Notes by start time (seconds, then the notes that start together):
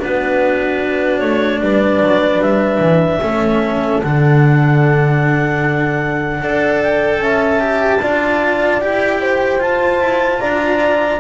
0.00 B3 D4 B4
0.06 F#4
1.19 A3 C#5
1.61 G3 B4 D5
2.02 F#3
2.39 G3 E5
2.80 E3
3.21 A3 C#4 A4
4.03 D3 D4 F#5
6.41 D4 A4 D5
6.83 G5
7.19 C#4 E5 A5
7.60 G4
8.02 D4 F4 D5
8.81 E4 G4 G5
9.21 C5
9.59 F4 A5
10.01 E4
10.41 D4 D5 A#5